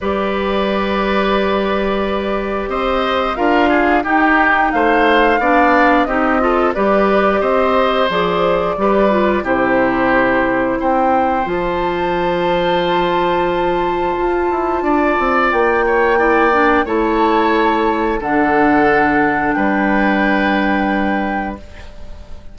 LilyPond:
<<
  \new Staff \with { instrumentName = "flute" } { \time 4/4 \tempo 4 = 89 d''1 | dis''4 f''4 g''4 f''4~ | f''4 dis''4 d''4 dis''4 | d''2 c''2 |
g''4 a''2.~ | a''2. g''4~ | g''4 a''2 fis''4~ | fis''4 g''2. | }
  \new Staff \with { instrumentName = "oboe" } { \time 4/4 b'1 | c''4 ais'8 gis'8 g'4 c''4 | d''4 g'8 a'8 b'4 c''4~ | c''4 b'4 g'2 |
c''1~ | c''2 d''4. cis''8 | d''4 cis''2 a'4~ | a'4 b'2. | }
  \new Staff \with { instrumentName = "clarinet" } { \time 4/4 g'1~ | g'4 f'4 dis'2 | d'4 dis'8 f'8 g'2 | gis'4 g'8 f'8 e'2~ |
e'4 f'2.~ | f'1 | e'8 d'8 e'2 d'4~ | d'1 | }
  \new Staff \with { instrumentName = "bassoon" } { \time 4/4 g1 | c'4 d'4 dis'4 a4 | b4 c'4 g4 c'4 | f4 g4 c2 |
c'4 f2.~ | f4 f'8 e'8 d'8 c'8 ais4~ | ais4 a2 d4~ | d4 g2. | }
>>